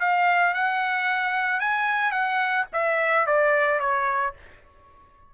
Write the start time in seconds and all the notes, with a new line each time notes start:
0.00 F5
0.54 F#5
1.60 G#5
2.11 F#5
2.72 E5
3.26 D5
3.79 C#5